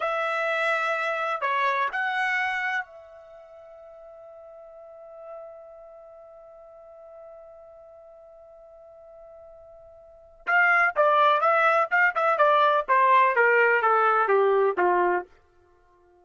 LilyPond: \new Staff \with { instrumentName = "trumpet" } { \time 4/4 \tempo 4 = 126 e''2. cis''4 | fis''2 e''2~ | e''1~ | e''1~ |
e''1~ | e''2 f''4 d''4 | e''4 f''8 e''8 d''4 c''4 | ais'4 a'4 g'4 f'4 | }